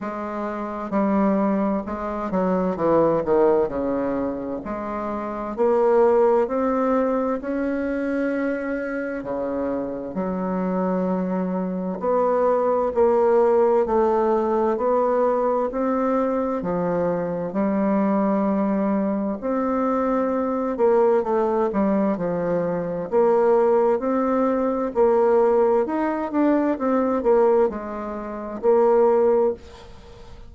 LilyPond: \new Staff \with { instrumentName = "bassoon" } { \time 4/4 \tempo 4 = 65 gis4 g4 gis8 fis8 e8 dis8 | cis4 gis4 ais4 c'4 | cis'2 cis4 fis4~ | fis4 b4 ais4 a4 |
b4 c'4 f4 g4~ | g4 c'4. ais8 a8 g8 | f4 ais4 c'4 ais4 | dis'8 d'8 c'8 ais8 gis4 ais4 | }